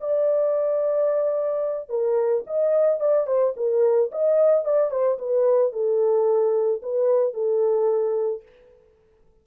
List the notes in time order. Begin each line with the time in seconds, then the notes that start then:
0.00 D5
1.89 A#4
2.46 D#5
3.00 D5
3.26 C5
3.56 A#4
4.11 D#5
4.64 D5
4.90 C5
5.18 B4
5.72 A4
6.82 B4
7.33 A4